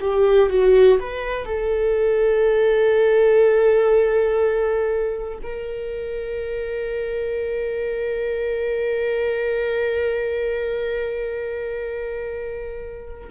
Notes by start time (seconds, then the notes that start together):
0.00 G4
0.50 F#4
0.99 B4
1.45 A4
5.43 A#4